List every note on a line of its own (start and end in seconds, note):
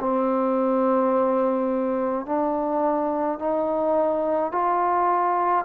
0.00 2.26 C4
2.26 3.39 D4
3.39 4.52 D#4
4.52 5.65 F4